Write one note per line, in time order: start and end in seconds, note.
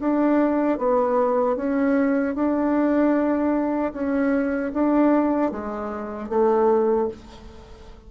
0.00 0.78 D4
0.78 1.56 B3
1.56 2.35 C#4
2.35 3.93 D4
3.93 4.72 C#4
4.74 5.52 D4
5.52 6.29 G#3
6.29 7.08 A3